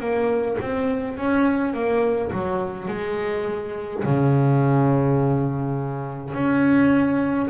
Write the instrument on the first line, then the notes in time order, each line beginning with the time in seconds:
double bass
0.00 A#3
0.61 C4
1.17 C#4
1.74 A#3
2.33 F#3
2.88 G#3
4.04 C#3
6.35 C#4